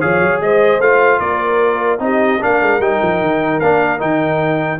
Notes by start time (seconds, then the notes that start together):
0.00 F3 G#4 C#5 F5
0.21 F#3
0.41 G#3 C5 D#5
0.79 A3 F4 F5
1.20 A#3 A#4 D5
1.99 C4 D#4 G4 D#5
2.41 A#3 D4 A#4 F5
2.62 G#3
2.80 G3 D#4 G5
3.02 F3
3.22 D#3
3.60 A#3 D4 F5
3.98 D#3 D#4 G5